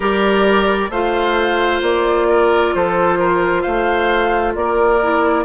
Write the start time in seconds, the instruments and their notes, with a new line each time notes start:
0.00 bassoon G3, clarinet G4, oboe A#4, flute D5
0.89 bassoon A3, clarinet F4, oboe C5, flute F5
1.82 bassoon A#3, flute D5
2.29 oboe A#4
2.74 bassoon F3, oboe A4, flute C5
3.18 oboe A#4
3.61 bassoon A3, oboe C5, flute F5
4.55 bassoon A#3, oboe A#4, flute D5
5.01 clarinet E4